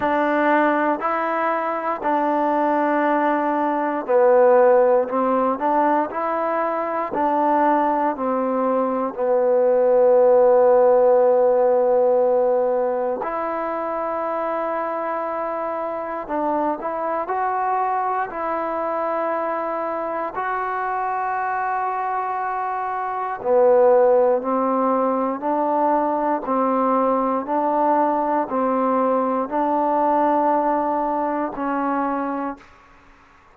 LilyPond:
\new Staff \with { instrumentName = "trombone" } { \time 4/4 \tempo 4 = 59 d'4 e'4 d'2 | b4 c'8 d'8 e'4 d'4 | c'4 b2.~ | b4 e'2. |
d'8 e'8 fis'4 e'2 | fis'2. b4 | c'4 d'4 c'4 d'4 | c'4 d'2 cis'4 | }